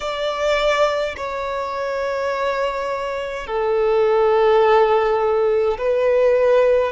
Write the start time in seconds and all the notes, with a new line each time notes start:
0.00 D5
1.16 C#5
3.46 A4
5.77 B4